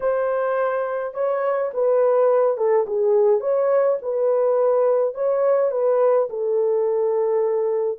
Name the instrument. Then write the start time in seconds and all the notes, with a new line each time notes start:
horn
0.00 C5
1.14 C#5
1.73 B4
2.57 A4
2.86 G#4
3.40 C#5
4.02 B4
5.14 C#5
5.71 B4
6.29 A4